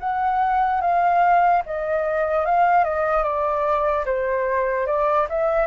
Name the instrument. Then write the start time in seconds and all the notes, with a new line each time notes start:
flute
0.00 F#5
0.81 F5
1.66 D#5
2.45 F5
2.84 D#5
3.24 D5
4.05 C5
4.87 D5
5.30 E5